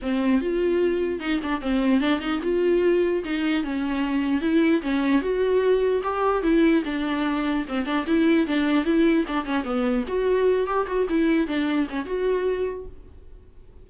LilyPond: \new Staff \with { instrumentName = "viola" } { \time 4/4 \tempo 4 = 149 c'4 f'2 dis'8 d'8 | c'4 d'8 dis'8 f'2 | dis'4 cis'2 e'4 | cis'4 fis'2 g'4 |
e'4 d'2 c'8 d'8 | e'4 d'4 e'4 d'8 cis'8 | b4 fis'4. g'8 fis'8 e'8~ | e'8 d'4 cis'8 fis'2 | }